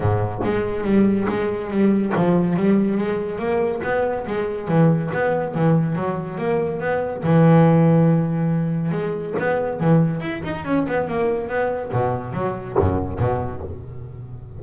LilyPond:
\new Staff \with { instrumentName = "double bass" } { \time 4/4 \tempo 4 = 141 gis,4 gis4 g4 gis4 | g4 f4 g4 gis4 | ais4 b4 gis4 e4 | b4 e4 fis4 ais4 |
b4 e2.~ | e4 gis4 b4 e4 | e'8 dis'8 cis'8 b8 ais4 b4 | b,4 fis4 fis,4 b,4 | }